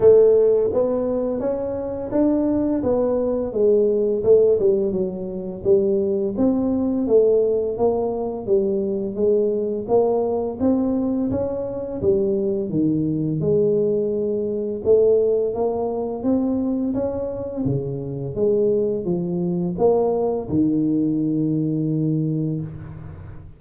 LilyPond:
\new Staff \with { instrumentName = "tuba" } { \time 4/4 \tempo 4 = 85 a4 b4 cis'4 d'4 | b4 gis4 a8 g8 fis4 | g4 c'4 a4 ais4 | g4 gis4 ais4 c'4 |
cis'4 g4 dis4 gis4~ | gis4 a4 ais4 c'4 | cis'4 cis4 gis4 f4 | ais4 dis2. | }